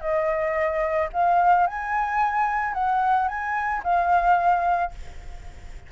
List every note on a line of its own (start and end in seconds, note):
0.00 1.08 D#5
1.13 1.66 F5
1.66 2.73 G#5
2.73 3.28 F#5
3.28 3.82 G#5
3.83 4.91 F5